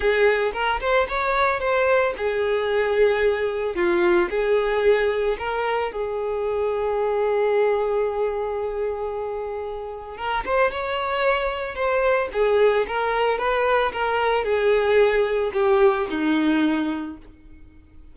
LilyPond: \new Staff \with { instrumentName = "violin" } { \time 4/4 \tempo 4 = 112 gis'4 ais'8 c''8 cis''4 c''4 | gis'2. f'4 | gis'2 ais'4 gis'4~ | gis'1~ |
gis'2. ais'8 c''8 | cis''2 c''4 gis'4 | ais'4 b'4 ais'4 gis'4~ | gis'4 g'4 dis'2 | }